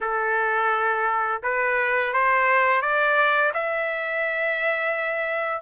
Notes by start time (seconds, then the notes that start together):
0.01 A4
1.42 B4
2.13 C5
2.81 D5
3.53 E5